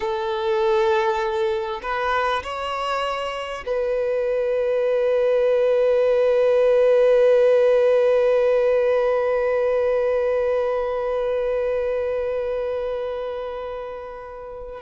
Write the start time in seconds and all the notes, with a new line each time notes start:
0.00 A4
1.82 B4
2.43 C#5
3.66 B4